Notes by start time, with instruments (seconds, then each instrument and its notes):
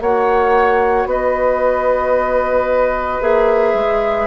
0.00 bassoon A#3, clarinet F#4, oboe C#5, flute F#5
1.05 bassoon B3, oboe B4, flute D#5
3.20 bassoon A#3, clarinet G#4, flute E5
3.74 bassoon G#3